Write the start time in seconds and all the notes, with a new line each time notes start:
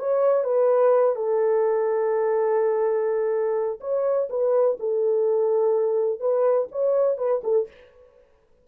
0.00 C#5
0.45 B4
1.16 A4
3.81 C#5
4.30 B4
4.80 A4
6.21 B4
6.72 C#5
7.18 B4
7.44 A4